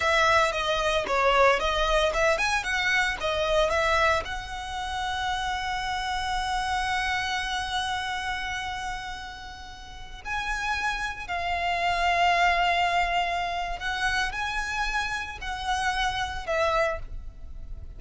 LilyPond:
\new Staff \with { instrumentName = "violin" } { \time 4/4 \tempo 4 = 113 e''4 dis''4 cis''4 dis''4 | e''8 gis''8 fis''4 dis''4 e''4 | fis''1~ | fis''1~ |
fis''2.~ fis''16 gis''8.~ | gis''4~ gis''16 f''2~ f''8.~ | f''2 fis''4 gis''4~ | gis''4 fis''2 e''4 | }